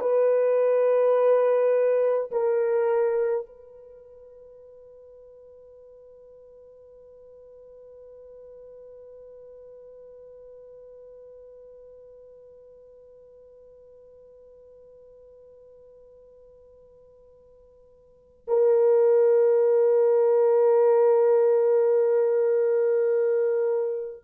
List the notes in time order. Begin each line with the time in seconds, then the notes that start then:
0.00 B4
2.31 A#4
3.46 B4
18.48 A#4